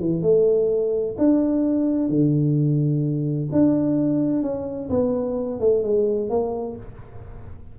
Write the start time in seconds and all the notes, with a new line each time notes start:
0.00 E3
0.22 A3
1.18 D4
2.09 D3
3.52 D4
4.42 C#4
4.90 B3
5.60 A3
5.83 G#3
6.30 A#3